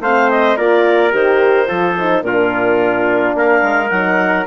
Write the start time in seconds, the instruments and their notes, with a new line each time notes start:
0.00 bassoon A3, horn C4, trumpet C5, clarinet F5
0.30 clarinet D#5
0.56 bassoon A#3, horn F4, trumpet A#4, clarinet D5
1.10 bassoon D#3, horn G4, clarinet C5
1.66 bassoon F3, horn F4, trumpet A4
1.98 horn D#4
2.22 bassoon A#2, horn D4, trumpet F4, clarinet A#4
3.34 bassoon A#3, trumpet A#4, clarinet F5
3.62 bassoon G#3
3.89 bassoon F#3, horn D#4, clarinet F#5